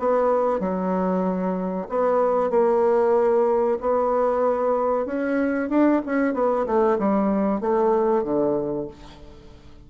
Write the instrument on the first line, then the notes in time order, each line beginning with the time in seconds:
bassoon
0.00 B3
0.60 F#3
1.89 B3
2.51 A#3
3.81 B3
5.06 C#4
5.70 D4
6.06 C#4
6.34 B3
6.66 A3
6.99 G3
7.61 A3
8.24 D3